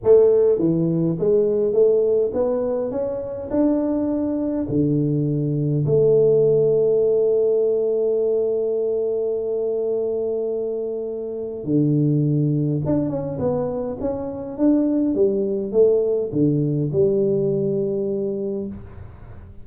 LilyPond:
\new Staff \with { instrumentName = "tuba" } { \time 4/4 \tempo 4 = 103 a4 e4 gis4 a4 | b4 cis'4 d'2 | d2 a2~ | a1~ |
a1 | d2 d'8 cis'8 b4 | cis'4 d'4 g4 a4 | d4 g2. | }